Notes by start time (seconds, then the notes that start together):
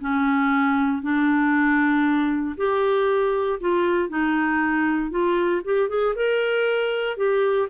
0.00 C#4
1.02 D4
2.57 G4
3.60 F4
4.09 D#4
5.10 F4
5.64 G4
5.89 G#4
6.15 A#4
7.17 G4